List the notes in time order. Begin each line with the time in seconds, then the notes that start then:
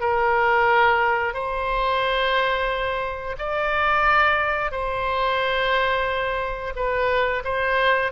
0.00 A#4
1.34 C5
3.38 D5
4.71 C5
6.75 B4
7.44 C5